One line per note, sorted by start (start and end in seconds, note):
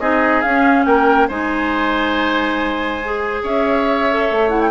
0.00 0.43 C4
0.00 0.43 D#4
0.00 0.86 G#4
0.00 0.42 D#5
0.42 0.86 C#4
0.42 1.30 C#4
0.42 0.85 F5
0.85 1.28 A#3
0.85 1.28 A#4
0.85 1.28 G5
1.28 3.43 G#3
1.28 3.01 D#4
1.28 3.42 C5
1.28 3.44 G#5
3.05 4.11 G#4
3.43 4.29 C#4
3.43 4.71 C#5
3.43 4.49 E5
4.11 4.49 A4
4.31 4.71 A3
4.49 4.71 E4
4.49 4.60 F#5
4.61 4.71 G5